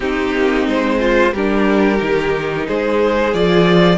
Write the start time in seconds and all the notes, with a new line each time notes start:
0.00 C4 D#4 G4
0.33 A#3
0.66 G#3 C5
0.99 F4
1.33 G3 D4 G4 A#4
1.98 D#3 D#4
2.67 G#3 G#4 C5
3.33 F3 F4 D5